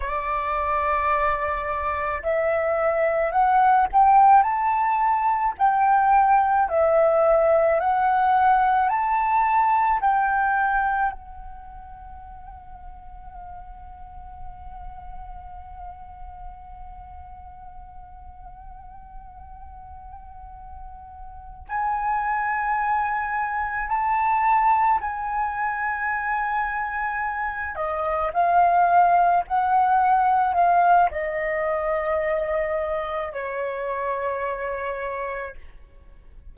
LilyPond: \new Staff \with { instrumentName = "flute" } { \time 4/4 \tempo 4 = 54 d''2 e''4 fis''8 g''8 | a''4 g''4 e''4 fis''4 | a''4 g''4 fis''2~ | fis''1~ |
fis''2.~ fis''8 gis''8~ | gis''4. a''4 gis''4.~ | gis''4 dis''8 f''4 fis''4 f''8 | dis''2 cis''2 | }